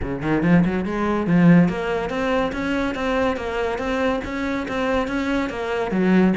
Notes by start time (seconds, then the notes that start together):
0.02 C#3
0.22 D#3
0.42 F3
0.65 F#3
0.85 G#3
1.26 F3
1.69 A#3
2.09 C4
2.52 C#4
2.94 C4
3.36 A#3
3.78 C4
4.24 C#4
4.68 C4
5.07 C#4
5.49 A#3
5.91 F#3